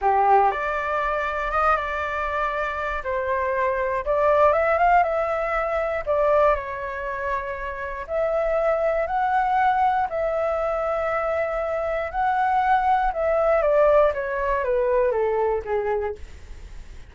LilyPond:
\new Staff \with { instrumentName = "flute" } { \time 4/4 \tempo 4 = 119 g'4 d''2 dis''8 d''8~ | d''2 c''2 | d''4 e''8 f''8 e''2 | d''4 cis''2. |
e''2 fis''2 | e''1 | fis''2 e''4 d''4 | cis''4 b'4 a'4 gis'4 | }